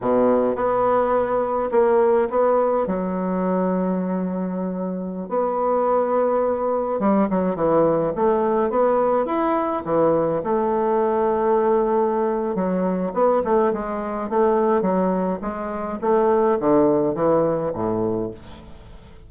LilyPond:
\new Staff \with { instrumentName = "bassoon" } { \time 4/4 \tempo 4 = 105 b,4 b2 ais4 | b4 fis2.~ | fis4~ fis16 b2~ b8.~ | b16 g8 fis8 e4 a4 b8.~ |
b16 e'4 e4 a4.~ a16~ | a2 fis4 b8 a8 | gis4 a4 fis4 gis4 | a4 d4 e4 a,4 | }